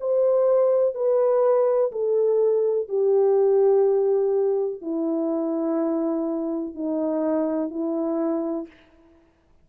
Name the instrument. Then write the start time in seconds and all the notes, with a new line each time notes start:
horn
0.00 C5
0.95 B4
1.92 A4
2.89 G4
4.81 E4
6.75 D#4
7.70 E4